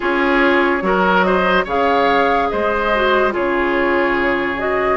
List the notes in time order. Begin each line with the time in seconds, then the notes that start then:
0.00 C#4 F4 G#4 C#5
0.81 F#3 F#4 A#4
1.22 C5 D#5
1.64 C#3 G#4 C#5 F5
2.49 G#3 C5 D#5
2.94 F#4
3.30 C#3 F4 G#4 C#5
4.57 F#4 D#5